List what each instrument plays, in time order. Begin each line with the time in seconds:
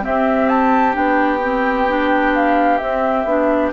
0.00 clarinet C4, bassoon C4, oboe G4, flute E5
0.48 flute A5
0.92 bassoon B3, clarinet D4, flute G5
1.42 clarinet C4
1.88 clarinet D4
2.34 flute F5
2.77 bassoon C4, clarinet C4, flute E5
3.24 bassoon B3, clarinet D4